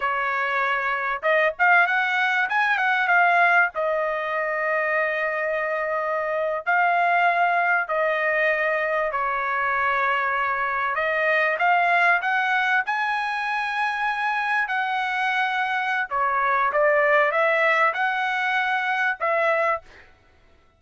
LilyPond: \new Staff \with { instrumentName = "trumpet" } { \time 4/4 \tempo 4 = 97 cis''2 dis''8 f''8 fis''4 | gis''8 fis''8 f''4 dis''2~ | dis''2~ dis''8. f''4~ f''16~ | f''8. dis''2 cis''4~ cis''16~ |
cis''4.~ cis''16 dis''4 f''4 fis''16~ | fis''8. gis''2. fis''16~ | fis''2 cis''4 d''4 | e''4 fis''2 e''4 | }